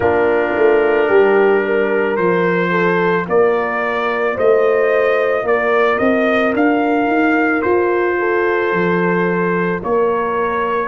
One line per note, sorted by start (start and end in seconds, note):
0.00 0.55 A#3
0.00 2.18 D4
0.00 1.07 F4
0.00 2.16 A#4
0.57 1.10 A3
1.07 2.18 G3
1.07 1.62 G4
1.65 2.70 A#4
2.16 3.27 F3
2.16 10.87 F4
2.16 3.25 C5
2.70 3.25 A4
3.27 4.37 A#3
3.27 4.34 A#4
3.27 4.38 D5
4.34 5.43 A3
4.34 5.43 C5
4.34 5.47 D#5
5.43 5.97 A#3
5.43 8.18 A#4
5.43 5.98 D5
5.98 6.54 C4
5.98 6.53 D#5
6.54 7.07 D4
6.54 7.62 F5
7.07 7.61 D#4
7.62 8.72 F4
7.62 9.80 C5
8.18 9.82 A4
8.72 9.81 F3
9.83 10.87 A#3
9.83 10.87 A#4
9.83 10.87 C#5